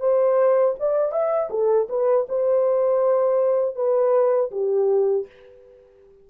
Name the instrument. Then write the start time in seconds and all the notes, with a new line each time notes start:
horn
0.00 C5
0.79 D5
1.12 E5
1.50 A4
1.89 B4
2.29 C5
3.76 B4
4.51 G4